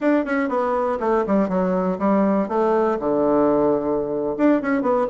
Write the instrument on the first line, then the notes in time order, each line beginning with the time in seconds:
bassoon
0.00 D4
0.25 C#4
0.48 B3
0.99 A3
1.26 G3
1.49 F#3
1.98 G3
2.48 A3
2.99 D3
4.37 D4
4.61 C#4
4.81 B3